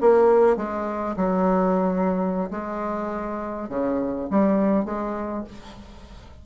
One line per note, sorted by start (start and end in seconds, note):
0.00 0.56 A#3
0.56 1.16 G#3
1.16 2.50 F#3
2.50 3.69 G#3
3.69 4.28 C#3
4.30 4.84 G3
4.84 5.44 G#3